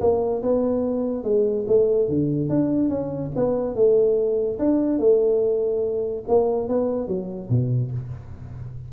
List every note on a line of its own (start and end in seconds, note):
0.00 0.42 A#3
0.42 1.23 B3
1.23 1.65 G#3
1.67 2.08 A3
2.08 2.48 D3
2.48 2.89 D4
2.89 3.30 C#4
3.35 3.75 B3
3.75 4.58 A3
4.59 4.98 D4
4.98 6.23 A3
6.28 6.68 A#3
6.68 7.07 B3
7.07 7.49 F#3
7.49 7.91 B2